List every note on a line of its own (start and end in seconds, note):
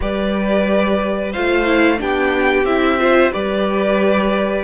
0.00 1.35 G3
0.00 1.32 G4
0.00 1.32 B4
0.00 1.32 D5
1.32 2.01 A3
1.32 1.65 F4
1.32 1.98 C5
1.32 1.99 F5
1.65 1.97 E4
1.97 2.64 B3
1.97 2.64 D4
1.97 2.99 G4
1.97 2.65 G5
2.64 3.31 C4
2.64 2.99 E4
2.64 3.32 E5
2.99 3.32 F4
2.99 3.32 C5
3.32 4.64 G3
3.32 4.64 G4
3.32 4.64 B4
3.32 4.64 D5